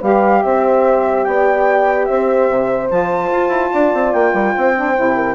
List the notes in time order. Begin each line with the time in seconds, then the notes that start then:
0.00 G3 G4 B4 F5
0.43 C4 C5 E5
1.25 B3 D5 G5
2.06 C4 C5 E5
2.50 C3
2.89 F3 F4 A5
3.32 F4
3.49 E4
3.73 D4 D5
3.94 C4
4.14 A#3 G5
4.33 G3 A#4
4.55 C4 C5
4.75 D4
4.96 C3 E4
5.16 A#4